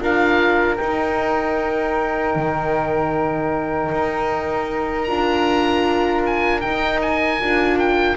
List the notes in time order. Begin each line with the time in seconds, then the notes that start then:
0.00 D4 F4 A#4 F5
0.77 D#4 G5
2.35 D#3
3.92 D#4
5.04 D4 F4 A#5
6.26 G#5
6.61 D#4 G5
7.02 G#5
7.40 D4 F4
7.79 G5